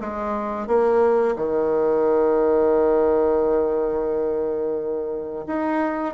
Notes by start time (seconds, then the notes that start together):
0.00 G#3
0.67 A#3
1.36 D#3
5.47 D#4